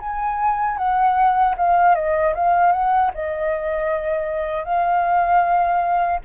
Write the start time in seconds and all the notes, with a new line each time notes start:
0.00 G#5
0.78 F#5
1.57 F5
1.95 D#5
2.35 F5
2.72 F#5
3.14 D#5
4.64 F5